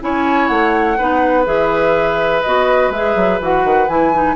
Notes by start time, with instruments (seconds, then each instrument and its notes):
0.00 bassoon C#4, clarinet E4, oboe C#5, flute G#5
0.47 bassoon A3, flute F#5
0.97 bassoon B3, clarinet D#4, oboe B4
1.45 bassoon E3, clarinet G#4, flute E5
2.42 bassoon B3, clarinet F#4, flute D#5
2.90 bassoon G#3, clarinet G#4, flute E5
3.15 bassoon F#3
3.40 bassoon E3, clarinet F#4, flute F#5
3.64 bassoon D#3
3.87 bassoon E3, clarinet E4, flute G#5
4.13 clarinet D#4